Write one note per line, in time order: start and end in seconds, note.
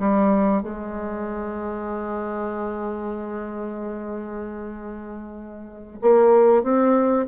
0.00 0.63 G3
0.63 5.99 G#3
6.02 6.63 A#3
6.63 7.27 C4